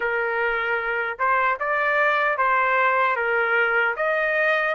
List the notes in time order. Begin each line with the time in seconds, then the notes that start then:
0.00 A#4
1.18 C5
1.59 D5
2.37 C5
3.16 A#4
3.96 D#5